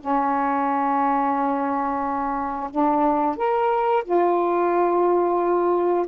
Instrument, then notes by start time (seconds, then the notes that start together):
saxophone
0.00 C#4
2.70 D4
3.36 A#4
4.04 F4